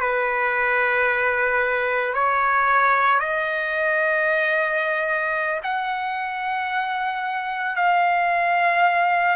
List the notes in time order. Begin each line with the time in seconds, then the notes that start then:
0.00 B4
2.14 C#5
3.20 D#5
5.63 F#5
7.76 F5